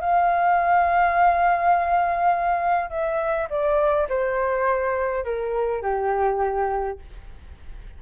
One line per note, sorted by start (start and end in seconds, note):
0.00 2.89 F5
2.89 3.48 E5
3.49 4.08 D5
4.09 5.24 C5
5.24 5.81 A#4
5.81 6.98 G4